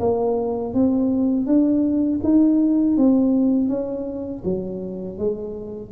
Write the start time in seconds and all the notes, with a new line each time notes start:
0.00 A#3
0.74 C4
1.46 D4
2.24 D#4
2.97 C4
3.69 C#4
4.44 F#3
5.19 G#3